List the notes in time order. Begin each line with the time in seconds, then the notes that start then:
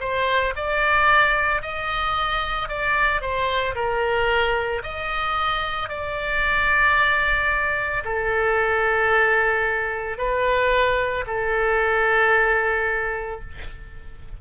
0.00 C5
0.56 D5
1.61 D#5
2.68 D5
3.21 C5
3.75 A#4
4.83 D#5
5.89 D5
8.05 A4
10.17 B4
11.26 A4